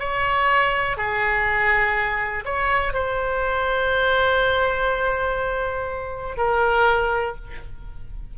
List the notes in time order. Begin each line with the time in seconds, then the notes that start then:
0.00 C#5
0.97 G#4
2.46 C#5
2.94 C5
6.38 A#4